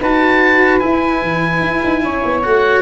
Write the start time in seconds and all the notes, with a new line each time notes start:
0.00 D#4 F#4 B4 A5
0.80 E4 G#5
1.22 E3
1.61 E4
1.84 D#4
2.03 C#4 C#5
2.25 B3
2.43 A3 F#4 F#5